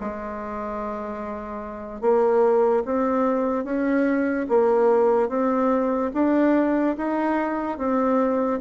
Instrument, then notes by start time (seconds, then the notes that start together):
bassoon
0.00 G#3
2.01 A#3
2.85 C4
3.64 C#4
4.48 A#3
5.28 C4
6.13 D4
6.97 D#4
7.77 C4